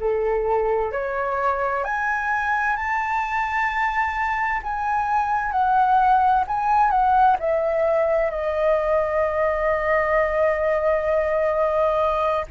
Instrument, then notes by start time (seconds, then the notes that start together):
flute
0.00 A4
0.92 C#5
1.84 G#5
2.77 A5
4.63 G#5
5.52 F#5
6.48 G#5
6.91 F#5
7.40 E5
8.31 D#5